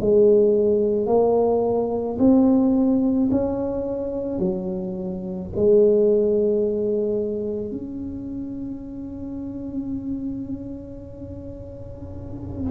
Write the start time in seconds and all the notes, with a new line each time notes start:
0.00 G#3
1.06 A#3
2.18 C4
3.31 C#4
4.38 F#3
5.55 G#3
7.71 C#4